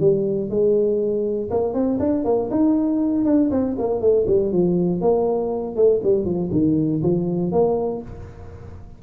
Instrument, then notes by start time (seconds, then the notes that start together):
tuba
0.00 G3
0.50 G#3
1.51 A#3
1.74 C4
2.00 D4
2.25 A#3
2.51 D#4
3.25 D4
3.52 C4
3.79 A#3
4.01 A3
4.27 G3
4.52 F3
5.01 A#3
5.76 A3
6.04 G3
6.25 F3
6.52 D#3
7.03 F3
7.52 A#3